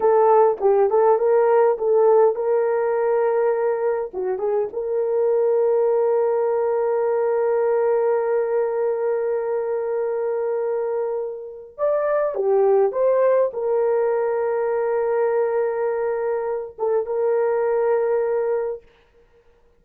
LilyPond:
\new Staff \with { instrumentName = "horn" } { \time 4/4 \tempo 4 = 102 a'4 g'8 a'8 ais'4 a'4 | ais'2. fis'8 gis'8 | ais'1~ | ais'1~ |
ais'1 | d''4 g'4 c''4 ais'4~ | ais'1~ | ais'8 a'8 ais'2. | }